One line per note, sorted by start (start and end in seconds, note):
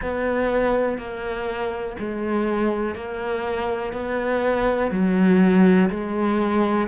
0.02 0.98 B3
0.98 1.96 A#3
1.99 2.95 G#3
2.95 3.93 A#3
3.93 4.91 B3
4.91 5.89 F#3
5.90 6.87 G#3